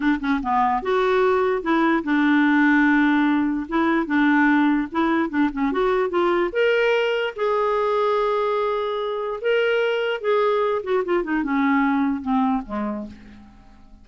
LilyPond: \new Staff \with { instrumentName = "clarinet" } { \time 4/4 \tempo 4 = 147 d'8 cis'8 b4 fis'2 | e'4 d'2.~ | d'4 e'4 d'2 | e'4 d'8 cis'8 fis'4 f'4 |
ais'2 gis'2~ | gis'2. ais'4~ | ais'4 gis'4. fis'8 f'8 dis'8 | cis'2 c'4 gis4 | }